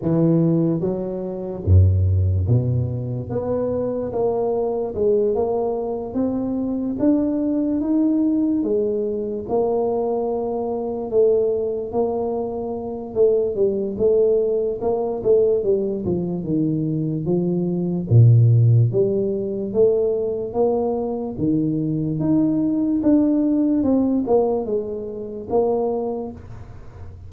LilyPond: \new Staff \with { instrumentName = "tuba" } { \time 4/4 \tempo 4 = 73 e4 fis4 fis,4 b,4 | b4 ais4 gis8 ais4 c'8~ | c'8 d'4 dis'4 gis4 ais8~ | ais4. a4 ais4. |
a8 g8 a4 ais8 a8 g8 f8 | dis4 f4 ais,4 g4 | a4 ais4 dis4 dis'4 | d'4 c'8 ais8 gis4 ais4 | }